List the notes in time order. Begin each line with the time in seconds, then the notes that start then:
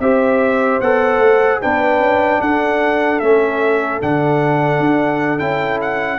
0.00 C4 G4 C5 E5
0.81 B3 A4 F#5
1.19 A3
1.62 B3 D4 B4 G5
1.99 C#4
2.41 D4 A4 F#5
3.20 A3 C#4 E5
4.02 D3 D4 F#5
4.80 D4
5.39 C#4 E4 G5
5.82 F#5